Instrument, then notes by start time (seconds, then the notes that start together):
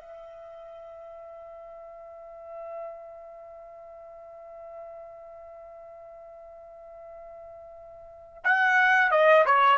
trumpet
0.00 E5
8.44 F#5
9.11 D#5
9.46 C#5